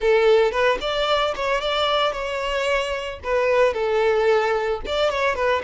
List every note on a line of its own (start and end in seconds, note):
0.00 0.51 A4
0.51 0.78 B4
0.80 1.34 D5
1.35 1.60 C#5
1.60 2.12 D5
2.12 3.19 C#5
3.23 3.73 B4
3.73 4.80 A4
4.86 5.10 D5
5.10 5.35 C#5
5.35 5.62 B4